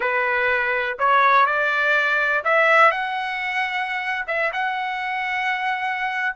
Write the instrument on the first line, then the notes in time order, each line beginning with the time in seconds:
trumpet
0.00 B4
0.99 C#5
1.45 D5
2.44 E5
2.91 F#5
4.27 E5
4.52 F#5